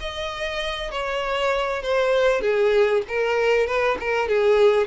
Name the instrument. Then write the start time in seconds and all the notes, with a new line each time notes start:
violin
0.00 D#5
0.91 C#5
1.83 C5
2.41 G#4
3.08 A#4
3.67 B4
4.00 A#4
4.28 G#4